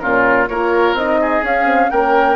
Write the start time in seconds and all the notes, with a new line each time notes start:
0.00 A#2 C#4 F4 A#4
0.48 A#3 F4 A#4 C#5
0.94 C4 D#4 D#5
1.21 G#4
1.44 C#4 F5
1.65 C4
1.91 A#3 C#4 A#4 G5